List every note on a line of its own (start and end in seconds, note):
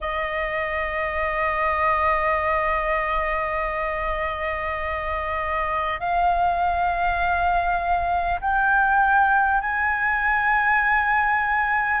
0.01 6.00 D#5
6.00 8.40 F5
8.41 9.60 G5
9.60 12.00 G#5